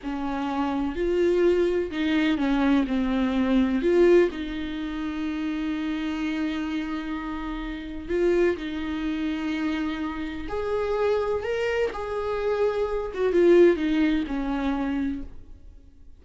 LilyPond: \new Staff \with { instrumentName = "viola" } { \time 4/4 \tempo 4 = 126 cis'2 f'2 | dis'4 cis'4 c'2 | f'4 dis'2.~ | dis'1~ |
dis'4 f'4 dis'2~ | dis'2 gis'2 | ais'4 gis'2~ gis'8 fis'8 | f'4 dis'4 cis'2 | }